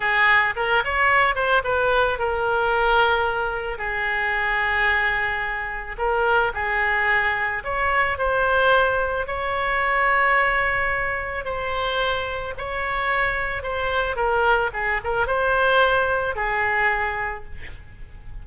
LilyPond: \new Staff \with { instrumentName = "oboe" } { \time 4/4 \tempo 4 = 110 gis'4 ais'8 cis''4 c''8 b'4 | ais'2. gis'4~ | gis'2. ais'4 | gis'2 cis''4 c''4~ |
c''4 cis''2.~ | cis''4 c''2 cis''4~ | cis''4 c''4 ais'4 gis'8 ais'8 | c''2 gis'2 | }